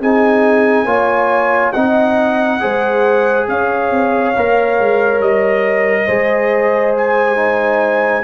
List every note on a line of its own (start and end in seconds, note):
0.00 0.84 C4
0.00 0.86 D#4
0.00 0.85 G#4
0.00 1.72 G#5
0.84 1.71 A#3
0.84 1.73 F4
0.84 1.72 C#5
1.72 2.62 C4
1.72 2.59 D#4
1.72 2.61 D#5
1.72 3.46 F#5
2.59 3.48 G#3
2.59 4.33 G#4
2.59 3.48 C5
3.48 3.91 C#4
3.48 6.05 C#5
3.48 5.21 F5
3.91 4.34 C4
4.36 4.79 A#3
4.36 6.08 A#4
4.79 5.19 G#3
5.19 6.06 G3
5.19 6.95 D#5
6.05 8.23 G#3
6.05 7.35 G#4
6.05 8.23 C5
6.97 8.23 G#5
7.35 8.22 D#4